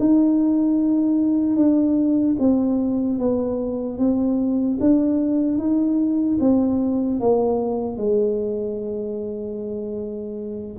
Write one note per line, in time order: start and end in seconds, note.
0.00 1.57 D#4
1.57 2.37 D4
2.40 3.19 C4
3.19 3.99 B3
3.99 4.79 C4
4.81 5.58 D4
5.58 6.38 D#4
6.40 7.20 C4
7.20 7.97 A#3
7.97 10.77 G#3